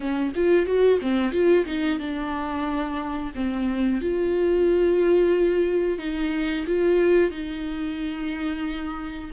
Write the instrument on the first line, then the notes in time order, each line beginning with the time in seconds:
viola
0.00 C#4
0.35 F4
0.65 F#4
1.01 C4
1.32 F4
1.65 D#4
1.98 D4
3.35 C4
4.01 F4
5.98 D#4
6.67 F4
7.31 D#4